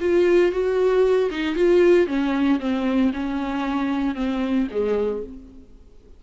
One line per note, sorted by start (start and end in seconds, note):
0.00 0.51 F4
0.51 1.29 F#4
1.30 1.55 D#4
1.55 2.07 F4
2.07 2.59 C#4
2.59 3.12 C4
3.13 4.15 C#4
4.15 4.67 C4
4.71 5.23 G#3